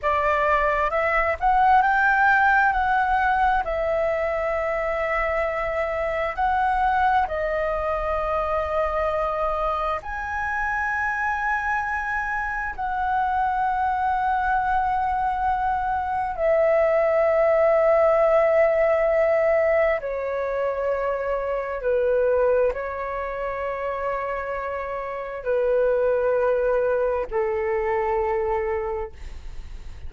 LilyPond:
\new Staff \with { instrumentName = "flute" } { \time 4/4 \tempo 4 = 66 d''4 e''8 fis''8 g''4 fis''4 | e''2. fis''4 | dis''2. gis''4~ | gis''2 fis''2~ |
fis''2 e''2~ | e''2 cis''2 | b'4 cis''2. | b'2 a'2 | }